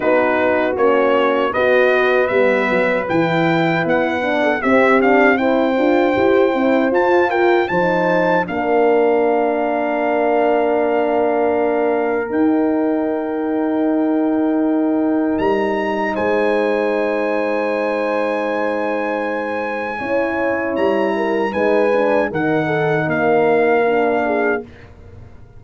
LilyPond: <<
  \new Staff \with { instrumentName = "trumpet" } { \time 4/4 \tempo 4 = 78 b'4 cis''4 dis''4 e''4 | g''4 fis''4 e''8 f''8 g''4~ | g''4 a''8 g''8 a''4 f''4~ | f''1 |
g''1 | ais''4 gis''2.~ | gis''2. ais''4 | gis''4 fis''4 f''2 | }
  \new Staff \with { instrumentName = "horn" } { \time 4/4 fis'2 b'2~ | b'4.~ b'16 a'16 g'4 c''4~ | c''4. ais'8 c''4 ais'4~ | ais'1~ |
ais'1~ | ais'4 c''2.~ | c''2 cis''4. ais'8 | b'4 ais'8 a'8 ais'4. gis'8 | }
  \new Staff \with { instrumentName = "horn" } { \time 4/4 dis'4 cis'4 fis'4 b4 | e'4. d'8 c'8 d'8 e'8 f'8 | g'8 e'8 f'4 dis'4 d'4~ | d'1 |
dis'1~ | dis'1~ | dis'2 e'2 | dis'8 d'8 dis'2 d'4 | }
  \new Staff \with { instrumentName = "tuba" } { \time 4/4 b4 ais4 b4 g8 fis8 | e4 b4 c'4. d'8 | e'8 c'8 f'4 f4 ais4~ | ais1 |
dis'1 | g4 gis2.~ | gis2 cis'4 g4 | gis4 dis4 ais2 | }
>>